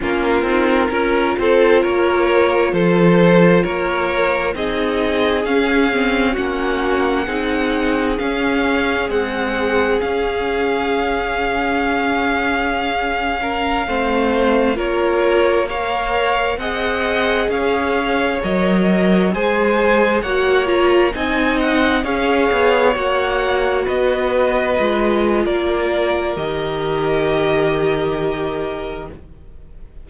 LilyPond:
<<
  \new Staff \with { instrumentName = "violin" } { \time 4/4 \tempo 4 = 66 ais'4. c''8 cis''4 c''4 | cis''4 dis''4 f''4 fis''4~ | fis''4 f''4 fis''4 f''4~ | f''1~ |
f''16 cis''4 f''4 fis''4 f''8.~ | f''16 dis''4 gis''4 fis''8 ais''8 gis''8 fis''16~ | fis''16 f''4 fis''4 dis''4.~ dis''16 | d''4 dis''2. | }
  \new Staff \with { instrumentName = "violin" } { \time 4/4 f'4 ais'8 a'8 ais'4 a'4 | ais'4 gis'2 fis'4 | gis'1~ | gis'2~ gis'8. ais'8 c''8.~ |
c''16 ais'4 cis''4 dis''4 cis''8.~ | cis''4~ cis''16 c''4 cis''4 dis''8.~ | dis''16 cis''2 b'4.~ b'16 | ais'1 | }
  \new Staff \with { instrumentName = "viola" } { \time 4/4 cis'8 dis'8 f'2.~ | f'4 dis'4 cis'8 c'8 cis'4 | dis'4 cis'4 gis4 cis'4~ | cis'2.~ cis'16 c'8.~ |
c'16 f'4 ais'4 gis'4.~ gis'16~ | gis'16 ais'4 gis'4 fis'8 f'8 dis'8.~ | dis'16 gis'4 fis'2 f'8.~ | f'4 g'2. | }
  \new Staff \with { instrumentName = "cello" } { \time 4/4 ais8 c'8 cis'8 c'8 ais4 f4 | ais4 c'4 cis'4 ais4 | c'4 cis'4 c'4 cis'4~ | cis'2.~ cis'16 a8.~ |
a16 ais2 c'4 cis'8.~ | cis'16 fis4 gis4 ais4 c'8.~ | c'16 cis'8 b8 ais4 b4 gis8. | ais4 dis2. | }
>>